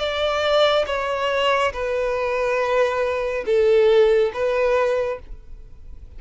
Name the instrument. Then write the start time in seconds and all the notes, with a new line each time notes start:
violin
0.00 D5
0.87 C#5
1.73 B4
3.46 A4
4.34 B4